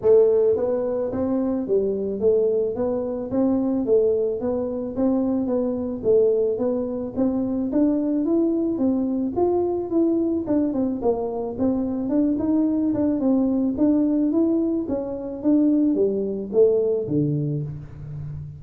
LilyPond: \new Staff \with { instrumentName = "tuba" } { \time 4/4 \tempo 4 = 109 a4 b4 c'4 g4 | a4 b4 c'4 a4 | b4 c'4 b4 a4 | b4 c'4 d'4 e'4 |
c'4 f'4 e'4 d'8 c'8 | ais4 c'4 d'8 dis'4 d'8 | c'4 d'4 e'4 cis'4 | d'4 g4 a4 d4 | }